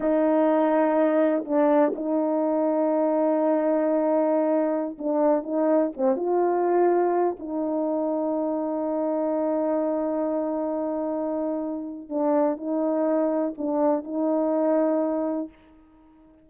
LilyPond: \new Staff \with { instrumentName = "horn" } { \time 4/4 \tempo 4 = 124 dis'2. d'4 | dis'1~ | dis'2~ dis'16 d'4 dis'8.~ | dis'16 c'8 f'2~ f'8 dis'8.~ |
dis'1~ | dis'1~ | dis'4 d'4 dis'2 | d'4 dis'2. | }